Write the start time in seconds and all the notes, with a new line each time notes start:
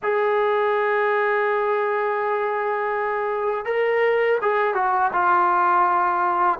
0.02 G#4
3.65 A#4
4.41 G#4
4.74 F#4
5.13 F4